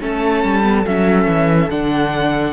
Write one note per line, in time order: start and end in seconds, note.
0.00 0.43 A3
0.00 0.63 C#4
0.00 2.53 A4
0.00 0.86 A5
0.43 0.85 G3
0.63 0.84 B3
0.86 1.26 F#3
0.86 1.70 C#4
0.86 1.70 E5
1.26 1.68 E3
1.70 2.53 D3
1.70 2.53 D4
1.70 2.53 F#5